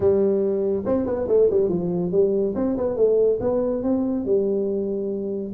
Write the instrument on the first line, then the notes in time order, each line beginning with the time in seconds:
tuba
0.00 G3
0.85 C4
1.05 B3
1.28 A3
1.50 G3
1.68 F3
2.11 G3
2.55 C4
2.77 B3
2.96 A3
3.40 B3
3.82 C4
4.25 G3